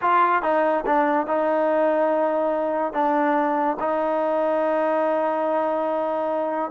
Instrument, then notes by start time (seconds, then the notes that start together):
trombone
0.01 F4
0.42 D#4
0.86 D4
1.26 D#4
2.93 D4
3.79 D#4